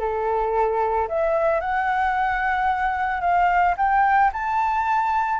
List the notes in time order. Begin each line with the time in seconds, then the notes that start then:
0.00 A4
1.09 E5
1.60 F#5
3.21 F5
3.77 G5
4.33 A5